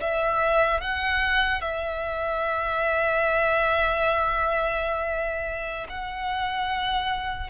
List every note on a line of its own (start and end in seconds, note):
0.00 0.81 E5
0.81 1.61 F#5
1.61 5.86 E5
5.89 7.50 F#5